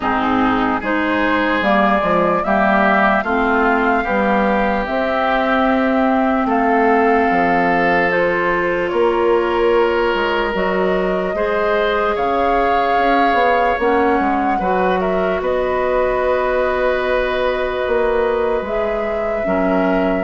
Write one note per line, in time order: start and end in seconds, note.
0.00 0.82 G#2
0.00 0.81 C4
0.00 0.80 D#4
0.00 0.82 G#4
0.80 1.61 G#3
0.80 1.62 D#4
0.80 2.42 G#4
0.80 1.64 C5
1.61 2.01 G3
1.61 1.99 A#3
1.61 2.44 D5
1.99 2.43 F3
1.99 2.40 G#3
2.44 3.23 G3
2.44 3.25 A#3
2.44 3.23 G4
2.44 3.22 E5
3.22 4.04 A3
3.22 4.05 C4
3.22 4.03 F4
3.22 4.84 F5
4.03 4.86 G3
4.03 4.85 B3
4.03 6.46 G4
4.85 8.10 C4
4.85 6.45 C4
4.85 6.47 E5
6.45 7.26 A3
6.45 8.90 A4
6.45 8.11 F5
7.30 8.92 F3
8.10 10.53 F4
8.10 8.88 C5
8.88 10.14 A#3
8.88 11.35 A#4
8.88 10.50 C#5
10.14 10.54 G#3
10.54 11.34 F#3
10.54 11.34 F#4
10.54 12.16 D#5
11.34 12.15 G#3
11.34 13.78 G#4
11.34 12.15 C5
12.15 12.97 C#3
12.15 14.58 C#5
12.15 13.78 F5
12.97 13.33 C#4
13.33 13.73 B3
13.79 14.19 A#3
13.79 14.60 C#4
13.79 15.00 F#5
14.19 14.59 G#3
14.59 15.40 F#3
14.59 18.65 F#4
14.59 14.99 B4
15.00 15.41 A#4
15.00 15.41 E5
15.40 17.83 B3
15.40 19.47 B4
15.40 18.65 D#5
17.86 18.61 A#3
18.61 19.42 G#3
18.61 19.44 G#4
18.61 20.24 E5
19.44 20.24 F#3
19.44 20.24 C#4
19.44 20.24 A#4